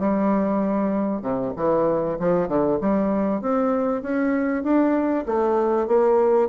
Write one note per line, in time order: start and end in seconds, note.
0.00 1.22 G3
1.22 1.53 C3
1.57 2.19 E3
2.20 2.49 F3
2.49 2.79 D3
2.82 3.42 G3
3.42 4.03 C4
4.03 4.64 C#4
4.64 5.25 D4
5.27 5.88 A3
5.88 6.49 A#3